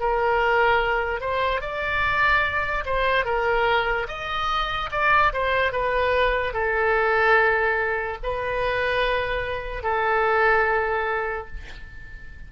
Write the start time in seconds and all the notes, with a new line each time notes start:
0.00 A#4
1.21 C5
1.61 D5
2.85 C5
3.25 A#4
4.08 D#5
4.92 D5
5.33 C5
5.72 B4
6.53 A4
8.23 B4
9.83 A4